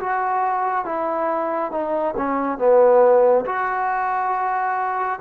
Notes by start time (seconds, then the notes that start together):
0.00 F#4
0.85 E4
1.72 D#4
2.17 C#4
2.59 B3
3.46 F#4